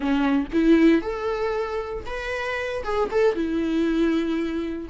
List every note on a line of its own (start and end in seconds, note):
0.00 0.47 C#4
0.52 1.01 E4
1.01 2.04 A4
2.06 2.83 B4
2.83 3.09 G#4
3.11 3.34 A4
3.34 4.89 E4